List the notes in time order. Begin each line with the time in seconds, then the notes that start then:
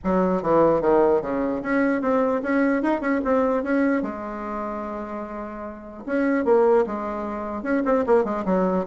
0.03 F#3
0.42 E3
0.81 D#3
1.21 C#3
1.62 C#4
2.01 C4
2.42 C#4
2.82 D#4
3.00 C#4
3.24 C4
3.63 C#4
4.02 G#3
6.06 C#4
6.44 A#3
6.86 G#3
7.62 C#4
7.85 C4
8.06 A#3
8.24 G#3
8.45 F#3